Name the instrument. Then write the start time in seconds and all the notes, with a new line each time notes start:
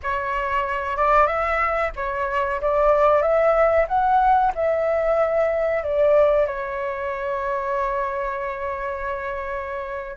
flute
0.02 C#5
0.96 D5
1.26 E5
1.96 C#5
2.61 D5
3.21 E5
3.88 F#5
4.55 E5
5.83 D5
6.46 C#5